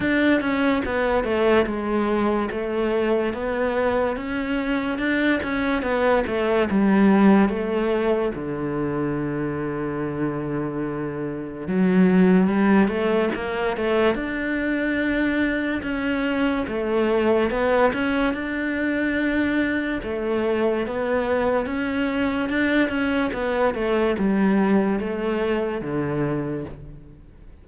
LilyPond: \new Staff \with { instrumentName = "cello" } { \time 4/4 \tempo 4 = 72 d'8 cis'8 b8 a8 gis4 a4 | b4 cis'4 d'8 cis'8 b8 a8 | g4 a4 d2~ | d2 fis4 g8 a8 |
ais8 a8 d'2 cis'4 | a4 b8 cis'8 d'2 | a4 b4 cis'4 d'8 cis'8 | b8 a8 g4 a4 d4 | }